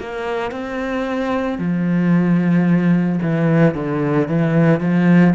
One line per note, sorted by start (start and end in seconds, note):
0.00 0.52 A#3
0.52 1.59 C4
1.59 3.19 F3
3.22 3.75 E3
3.75 4.28 D3
4.28 4.81 E3
4.81 5.35 F3